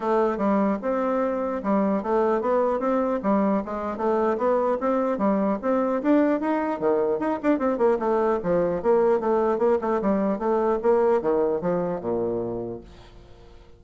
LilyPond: \new Staff \with { instrumentName = "bassoon" } { \time 4/4 \tempo 4 = 150 a4 g4 c'2 | g4 a4 b4 c'4 | g4 gis4 a4 b4 | c'4 g4 c'4 d'4 |
dis'4 dis4 dis'8 d'8 c'8 ais8 | a4 f4 ais4 a4 | ais8 a8 g4 a4 ais4 | dis4 f4 ais,2 | }